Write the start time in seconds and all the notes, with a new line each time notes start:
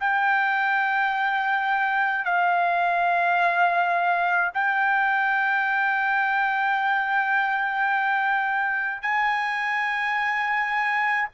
0.00 G5
2.25 F5
4.54 G5
9.02 G#5